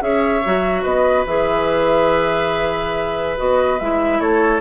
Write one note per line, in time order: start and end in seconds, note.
0.00 0.42 C#4
0.00 0.41 G#4
0.00 0.82 C#5
0.00 0.83 E5
0.45 0.84 F#3
0.45 1.27 F#4
0.82 1.25 B3
0.82 4.19 B4
0.82 1.24 D#5
1.26 3.39 E3
1.26 3.37 G#4
1.26 3.38 E5
3.37 3.80 B3
3.37 3.78 F#4
3.37 3.79 D#5
3.79 4.20 G#3
3.79 4.61 E4
3.79 4.20 E5
4.20 4.61 A3
4.20 4.61 A4
4.20 4.61 C#5